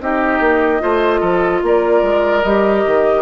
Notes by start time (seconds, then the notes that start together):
0.00 C4 D#4 G4 D#5
0.40 A#3
0.80 A3 F4 C5
1.20 F3 A4
1.63 A#3 A#4 D5
2.02 G#3
2.43 G3 G4 D#5
2.86 D#3